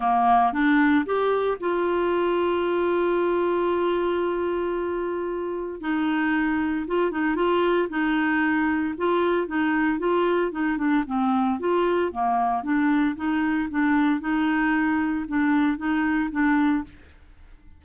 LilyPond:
\new Staff \with { instrumentName = "clarinet" } { \time 4/4 \tempo 4 = 114 ais4 d'4 g'4 f'4~ | f'1~ | f'2. dis'4~ | dis'4 f'8 dis'8 f'4 dis'4~ |
dis'4 f'4 dis'4 f'4 | dis'8 d'8 c'4 f'4 ais4 | d'4 dis'4 d'4 dis'4~ | dis'4 d'4 dis'4 d'4 | }